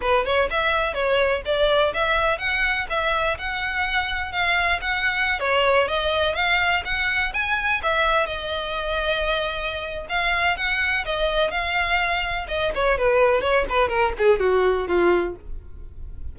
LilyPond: \new Staff \with { instrumentName = "violin" } { \time 4/4 \tempo 4 = 125 b'8 cis''8 e''4 cis''4 d''4 | e''4 fis''4 e''4 fis''4~ | fis''4 f''4 fis''4~ fis''16 cis''8.~ | cis''16 dis''4 f''4 fis''4 gis''8.~ |
gis''16 e''4 dis''2~ dis''8.~ | dis''4 f''4 fis''4 dis''4 | f''2 dis''8 cis''8 b'4 | cis''8 b'8 ais'8 gis'8 fis'4 f'4 | }